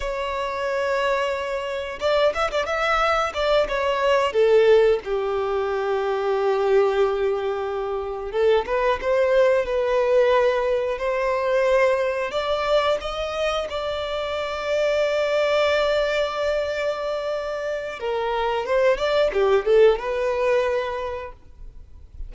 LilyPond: \new Staff \with { instrumentName = "violin" } { \time 4/4 \tempo 4 = 90 cis''2. d''8 e''16 d''16 | e''4 d''8 cis''4 a'4 g'8~ | g'1~ | g'8 a'8 b'8 c''4 b'4.~ |
b'8 c''2 d''4 dis''8~ | dis''8 d''2.~ d''8~ | d''2. ais'4 | c''8 d''8 g'8 a'8 b'2 | }